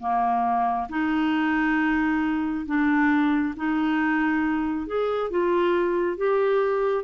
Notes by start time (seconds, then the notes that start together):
0.00 A#3
0.89 D#4
2.66 D4
3.57 D#4
4.87 G#4
5.31 F4
6.18 G4